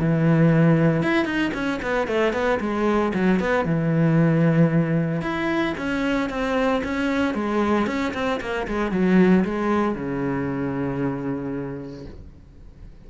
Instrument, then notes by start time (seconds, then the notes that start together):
cello
0.00 E3
1.03 E4
1.25 D#4
1.54 C#4
1.83 B3
2.08 A3
2.33 B3
2.61 G#3
3.14 F#3
3.40 B3
3.66 E3
5.22 E4
5.78 C#4
6.30 C4
6.84 C#4
7.35 G#3
7.87 C#4
8.14 C4
8.41 A#3
8.68 G#3
8.92 F#3
9.45 G#3
9.95 C#3